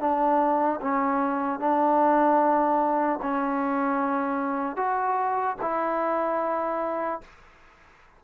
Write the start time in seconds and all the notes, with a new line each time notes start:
0.00 D4
0.81 C#4
1.59 D4
3.22 C#4
4.76 F#4
5.61 E4